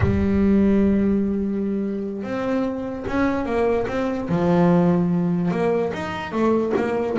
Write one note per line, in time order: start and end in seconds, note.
0.00 2.23 G3
2.23 3.04 C4
3.07 3.45 C#4
3.45 3.86 A#3
3.87 4.28 C4
4.28 5.51 F3
5.51 5.91 A#3
5.93 6.32 D#4
6.32 6.73 A3
6.76 7.17 A#3